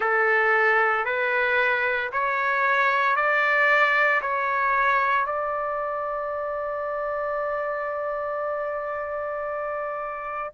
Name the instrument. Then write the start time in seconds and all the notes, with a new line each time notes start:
trumpet
0.00 A4
1.05 B4
2.12 C#5
3.16 D5
4.21 C#5
5.25 D5